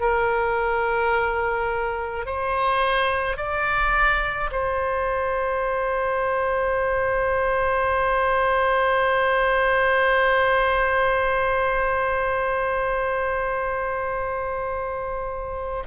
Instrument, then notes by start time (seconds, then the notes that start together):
oboe
0.00 A#4
2.26 C5
3.37 D5
4.51 C5